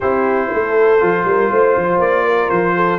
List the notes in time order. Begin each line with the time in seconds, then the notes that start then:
0.00 C4 E4 G4 C5
0.53 A3 A4
0.99 F3 F4
1.24 G3 A#4
1.49 A3 C5
1.76 F3
1.98 A#3 D5
2.24 A#4
2.49 F3 C5
2.75 A4